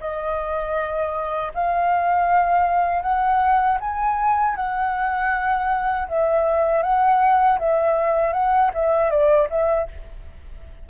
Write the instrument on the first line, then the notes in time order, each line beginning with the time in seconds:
flute
0.00 D#5
1.54 F5
3.02 F#5
3.80 G#5
4.56 F#5
6.08 E5
6.82 F#5
7.58 E5
8.33 F#5
8.73 E5
9.10 D5
9.49 E5